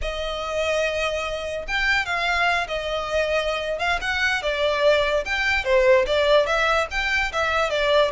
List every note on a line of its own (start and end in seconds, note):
0.01 1.66 D#5
1.67 2.05 G5
2.05 2.67 F5
2.67 3.78 D#5
3.78 3.99 F5
4.01 4.42 F#5
4.42 5.24 D5
5.25 5.64 G5
5.64 6.05 C5
6.06 6.46 D5
6.46 6.87 E5
6.90 7.32 G5
7.32 7.70 E5
7.70 8.11 D5